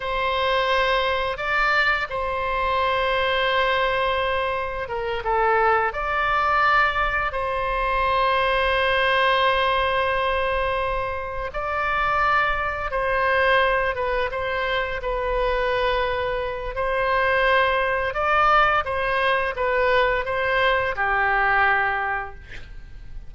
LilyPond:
\new Staff \with { instrumentName = "oboe" } { \time 4/4 \tempo 4 = 86 c''2 d''4 c''4~ | c''2. ais'8 a'8~ | a'8 d''2 c''4.~ | c''1~ |
c''8 d''2 c''4. | b'8 c''4 b'2~ b'8 | c''2 d''4 c''4 | b'4 c''4 g'2 | }